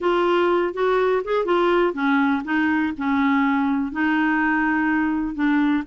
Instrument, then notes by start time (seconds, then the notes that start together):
clarinet
0.00 F4
0.73 F#4
1.24 G#4
1.45 F4
1.93 C#4
2.44 D#4
2.97 C#4
3.92 D#4
5.35 D4